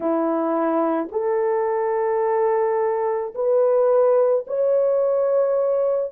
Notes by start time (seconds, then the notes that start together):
0.00 E4
1.11 A4
3.34 B4
4.47 C#5